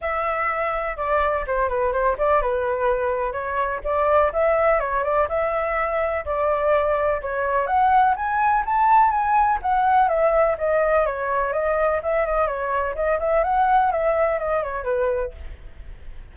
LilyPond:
\new Staff \with { instrumentName = "flute" } { \time 4/4 \tempo 4 = 125 e''2 d''4 c''8 b'8 | c''8 d''8 b'2 cis''4 | d''4 e''4 cis''8 d''8 e''4~ | e''4 d''2 cis''4 |
fis''4 gis''4 a''4 gis''4 | fis''4 e''4 dis''4 cis''4 | dis''4 e''8 dis''8 cis''4 dis''8 e''8 | fis''4 e''4 dis''8 cis''8 b'4 | }